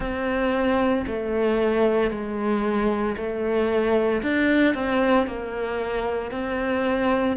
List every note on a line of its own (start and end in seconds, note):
0.00 1.05 C4
1.07 2.11 A3
2.11 3.16 G#3
3.16 4.22 A3
4.22 4.74 D4
4.74 5.26 C4
5.26 6.31 A#3
6.31 7.36 C4